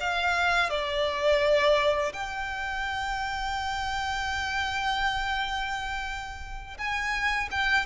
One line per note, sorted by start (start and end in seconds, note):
0.00 0.69 F5
0.69 2.12 D5
2.13 6.77 G5
6.77 7.49 G#5
7.51 7.85 G5